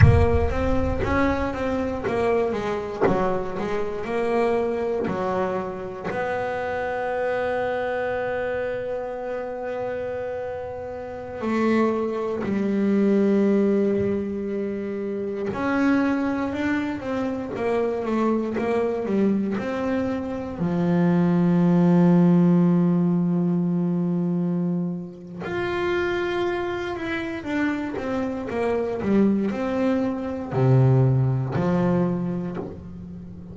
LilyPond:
\new Staff \with { instrumentName = "double bass" } { \time 4/4 \tempo 4 = 59 ais8 c'8 cis'8 c'8 ais8 gis8 fis8 gis8 | ais4 fis4 b2~ | b2.~ b16 a8.~ | a16 g2. cis'8.~ |
cis'16 d'8 c'8 ais8 a8 ais8 g8 c'8.~ | c'16 f2.~ f8.~ | f4 f'4. e'8 d'8 c'8 | ais8 g8 c'4 c4 f4 | }